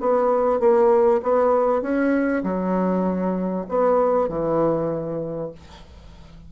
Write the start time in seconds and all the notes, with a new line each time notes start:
0.00 B3
0.60 A#3
1.23 B3
1.82 C#4
2.44 F#3
3.68 B3
4.29 E3